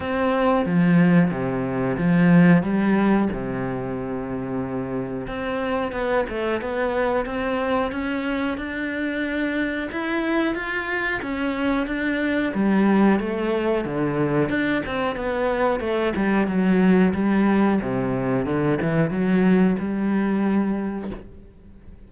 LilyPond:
\new Staff \with { instrumentName = "cello" } { \time 4/4 \tempo 4 = 91 c'4 f4 c4 f4 | g4 c2. | c'4 b8 a8 b4 c'4 | cis'4 d'2 e'4 |
f'4 cis'4 d'4 g4 | a4 d4 d'8 c'8 b4 | a8 g8 fis4 g4 c4 | d8 e8 fis4 g2 | }